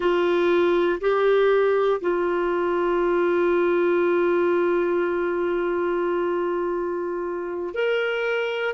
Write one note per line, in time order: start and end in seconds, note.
0.00 0.99 F4
1.00 2.00 G4
2.00 7.74 F4
7.74 8.74 A#4